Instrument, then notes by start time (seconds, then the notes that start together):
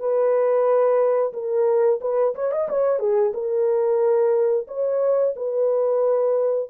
horn
0.00 B4
1.34 A#4
2.01 B4
2.35 C#5
2.52 D#5
2.69 C#5
3.00 G#4
3.34 A#4
4.68 C#5
5.37 B4